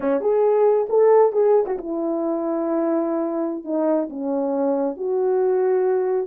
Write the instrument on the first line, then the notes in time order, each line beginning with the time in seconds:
horn
0.00 C#4
0.21 G#4
0.89 A4
1.32 G#4
1.66 F#4
1.78 E4
3.64 D#4
4.09 C#4
4.96 F#4